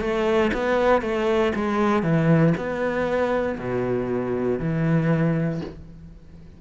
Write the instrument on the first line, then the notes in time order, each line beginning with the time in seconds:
cello
0.00 A3
0.53 B3
1.01 A3
1.55 G#3
2.02 E3
2.57 B3
3.58 B2
4.59 E3